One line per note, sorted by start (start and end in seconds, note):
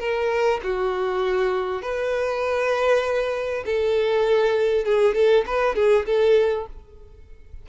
0.00 0.61 A#4
0.64 1.83 F#4
1.83 3.64 B4
3.66 4.85 A4
4.85 5.15 G#4
5.15 5.45 A4
5.47 5.76 B4
5.76 6.06 G#4
6.06 6.67 A4